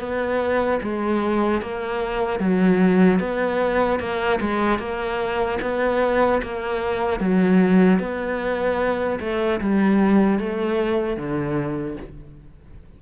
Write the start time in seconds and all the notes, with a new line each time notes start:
0.00 B3
0.83 G#3
1.62 A#3
2.40 F#3
3.20 B3
4.00 A#3
4.41 G#3
4.79 A#3
5.62 B3
6.43 A#3
7.20 F#3
8.00 B3
9.20 A3
9.61 G3
10.40 A3
11.17 D3